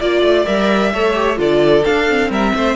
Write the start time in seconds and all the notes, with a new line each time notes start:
0.00 A#3 F4 D5
0.22 A3
0.46 G3 A#4 E5
0.92 A3 A4 C#5
1.14 G4
1.36 D3 F4 A4 D5
1.84 D4 F5
2.09 C4
2.30 G3 A#4 E5
2.55 A3 C5